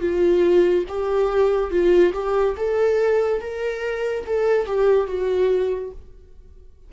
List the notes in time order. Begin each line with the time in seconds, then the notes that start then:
0.00 F4
0.88 G4
1.71 F4
2.14 G4
2.57 A4
3.41 A#4
4.26 A4
4.67 G4
5.07 F#4